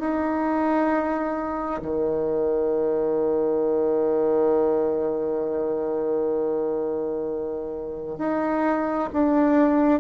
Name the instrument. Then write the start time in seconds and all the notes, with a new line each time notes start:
bassoon
0.00 D#4
1.82 D#3
8.18 D#4
9.13 D4